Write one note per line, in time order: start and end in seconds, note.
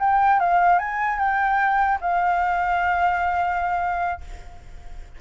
0.00 0.40 G5
0.40 0.79 F5
0.79 1.19 G#5
1.19 1.99 G5
2.01 4.21 F5